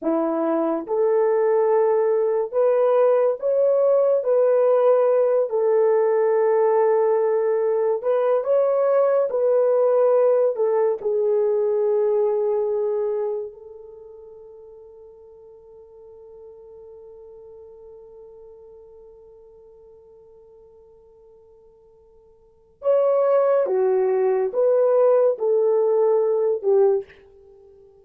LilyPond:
\new Staff \with { instrumentName = "horn" } { \time 4/4 \tempo 4 = 71 e'4 a'2 b'4 | cis''4 b'4. a'4.~ | a'4. b'8 cis''4 b'4~ | b'8 a'8 gis'2. |
a'1~ | a'1~ | a'2. cis''4 | fis'4 b'4 a'4. g'8 | }